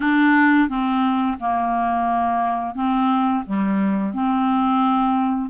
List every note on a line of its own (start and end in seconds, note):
0.00 0.68 D4
0.68 1.37 C4
1.39 2.75 A#3
2.75 3.44 C4
3.46 4.13 G3
4.13 5.50 C4